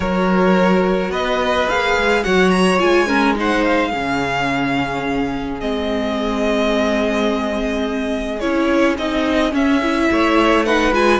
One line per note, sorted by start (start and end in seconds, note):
0.00 1.09 F#3
0.00 1.68 F#4
0.00 1.10 A#4
0.00 1.12 C#5
1.09 1.65 B3
1.09 2.22 B4
1.09 1.68 D#5
1.68 1.96 A#3
1.68 2.24 G#4
1.68 2.23 F5
1.96 2.25 G#3
2.23 2.81 F#3
2.23 2.79 F#4
2.23 3.07 C#5
2.23 2.50 F#5
2.50 2.78 A#5
2.79 3.93 G#3
2.79 3.06 F4
2.79 3.35 G#5
3.06 3.34 C#4
3.06 3.35 A#4
3.34 3.90 D#4
3.34 3.90 C5
3.34 3.64 F#5
3.64 5.60 F5
3.90 5.61 C#3
3.90 5.60 C#4
3.90 10.07 G#4
5.60 8.42 G#3
5.60 8.40 C4
5.60 8.40 D#5
8.40 8.98 C#4
8.40 8.97 E4
8.40 8.96 C#5
8.97 9.52 C4
8.97 9.52 D#4
8.97 9.54 D#5
9.52 9.80 C#4
9.52 10.08 C#4
9.52 10.65 E5
9.82 10.66 E4
10.11 10.91 A3
10.11 10.66 C#5
10.65 10.92 D#4
10.65 11.20 B4
10.65 10.93 F#5
10.91 11.19 G#3
10.91 11.20 F4
10.91 11.20 G#5